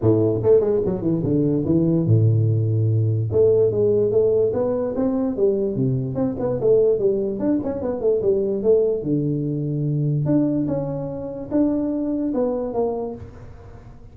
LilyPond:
\new Staff \with { instrumentName = "tuba" } { \time 4/4 \tempo 4 = 146 a,4 a8 gis8 fis8 e8 d4 | e4 a,2. | a4 gis4 a4 b4 | c'4 g4 c4 c'8 b8 |
a4 g4 d'8 cis'8 b8 a8 | g4 a4 d2~ | d4 d'4 cis'2 | d'2 b4 ais4 | }